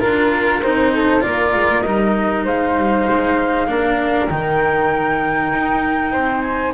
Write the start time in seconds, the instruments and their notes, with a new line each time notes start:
0.00 double bass D4, cello F4, flute A#4
0.62 double bass C4, cello D#4, flute C5
0.94 flute A4
1.21 double bass A#3, cello F4, flute A#4 D5
1.56 double bass G#3
1.70 double bass A#3
1.82 double bass G3, cello D#4, flute D#5
2.45 double bass G#3, flute C5 F5
2.77 double bass G3
3.09 double bass G#3
3.68 double bass A#3, cello D4, flute A#4
4.30 double bass D#3, cello D#4, flute G5
5.53 double bass D#4
6.12 double bass C4, flute C5
6.42 flute G#5